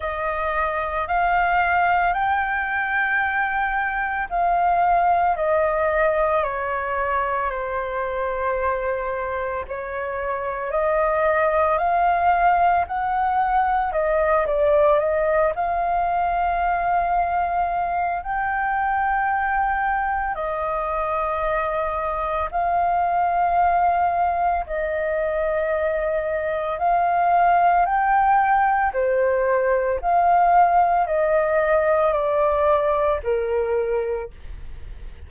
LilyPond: \new Staff \with { instrumentName = "flute" } { \time 4/4 \tempo 4 = 56 dis''4 f''4 g''2 | f''4 dis''4 cis''4 c''4~ | c''4 cis''4 dis''4 f''4 | fis''4 dis''8 d''8 dis''8 f''4.~ |
f''4 g''2 dis''4~ | dis''4 f''2 dis''4~ | dis''4 f''4 g''4 c''4 | f''4 dis''4 d''4 ais'4 | }